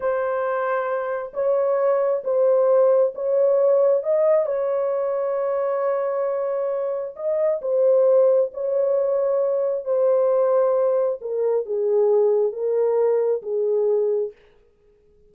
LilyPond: \new Staff \with { instrumentName = "horn" } { \time 4/4 \tempo 4 = 134 c''2. cis''4~ | cis''4 c''2 cis''4~ | cis''4 dis''4 cis''2~ | cis''1 |
dis''4 c''2 cis''4~ | cis''2 c''2~ | c''4 ais'4 gis'2 | ais'2 gis'2 | }